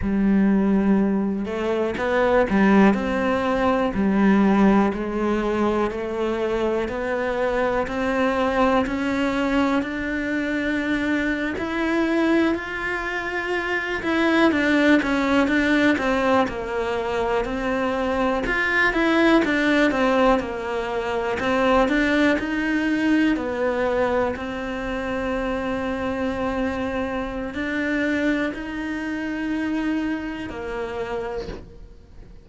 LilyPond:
\new Staff \with { instrumentName = "cello" } { \time 4/4 \tempo 4 = 61 g4. a8 b8 g8 c'4 | g4 gis4 a4 b4 | c'4 cis'4 d'4.~ d'16 e'16~ | e'8. f'4. e'8 d'8 cis'8 d'16~ |
d'16 c'8 ais4 c'4 f'8 e'8 d'16~ | d'16 c'8 ais4 c'8 d'8 dis'4 b16~ | b8. c'2.~ c'16 | d'4 dis'2 ais4 | }